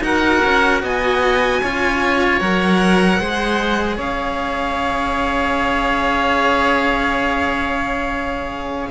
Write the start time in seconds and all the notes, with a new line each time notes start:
0.00 D#4 F#4 A#4 F#5
0.45 C#4
0.83 B3 D#5 G#5
1.62 C#4 F4 C#5
2.39 F#3 A#4 F#5
3.19 G#3 G#4 C5
3.96 C#4 C#5 F5